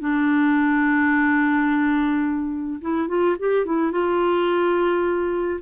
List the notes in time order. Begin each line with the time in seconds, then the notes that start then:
0.00 D4
2.81 E4
3.08 F4
3.39 G4
3.66 E4
3.92 F4